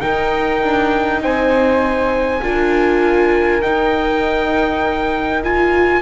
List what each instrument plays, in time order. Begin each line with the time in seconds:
0.00 viola D#4, double bass D#4, flute A#4, trumpet G5
0.62 double bass D4
1.21 double bass C4, flute C5, trumpet G#5
2.41 double bass D4, viola F4, flute A#4
3.61 double bass D#4, viola D#4, trumpet G5
5.43 viola F4, trumpet G#5